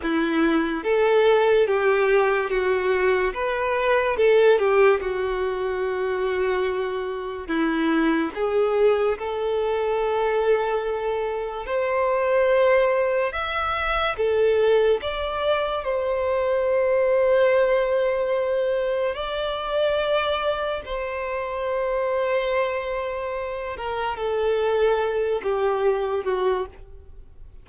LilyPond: \new Staff \with { instrumentName = "violin" } { \time 4/4 \tempo 4 = 72 e'4 a'4 g'4 fis'4 | b'4 a'8 g'8 fis'2~ | fis'4 e'4 gis'4 a'4~ | a'2 c''2 |
e''4 a'4 d''4 c''4~ | c''2. d''4~ | d''4 c''2.~ | c''8 ais'8 a'4. g'4 fis'8 | }